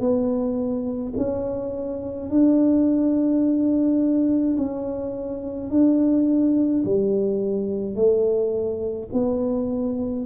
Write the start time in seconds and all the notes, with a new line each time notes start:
0.00 B3
1.16 C#4
2.30 D4
4.57 C#4
5.70 D4
6.84 G3
7.95 A3
9.12 B3